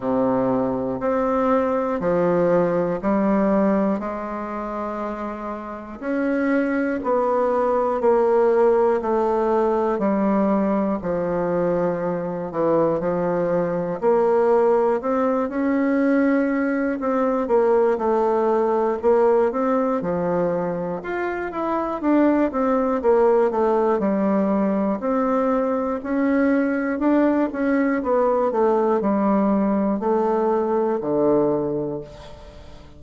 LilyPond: \new Staff \with { instrumentName = "bassoon" } { \time 4/4 \tempo 4 = 60 c4 c'4 f4 g4 | gis2 cis'4 b4 | ais4 a4 g4 f4~ | f8 e8 f4 ais4 c'8 cis'8~ |
cis'4 c'8 ais8 a4 ais8 c'8 | f4 f'8 e'8 d'8 c'8 ais8 a8 | g4 c'4 cis'4 d'8 cis'8 | b8 a8 g4 a4 d4 | }